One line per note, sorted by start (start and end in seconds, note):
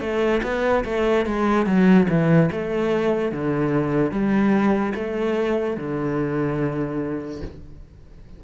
0.00 0.41 A3
0.43 0.84 B3
0.84 1.25 A3
1.25 1.66 G#3
1.66 2.07 F#3
2.08 2.50 E3
2.51 3.31 A3
3.31 4.11 D3
4.11 4.93 G3
4.94 5.76 A3
5.77 7.41 D3